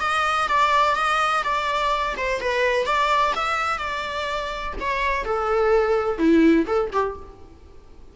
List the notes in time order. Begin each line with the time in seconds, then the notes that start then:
0.00 D#5
0.48 D5
0.95 D#5
1.44 D5
2.17 C5
2.40 B4
2.85 D5
3.35 E5
3.78 D5
4.80 C#5
5.24 A4
6.18 E4
6.66 A4
6.92 G4